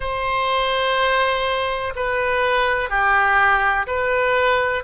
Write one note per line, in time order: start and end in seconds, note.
0.00 1.94 C5
1.95 2.89 B4
2.89 3.86 G4
3.86 4.83 B4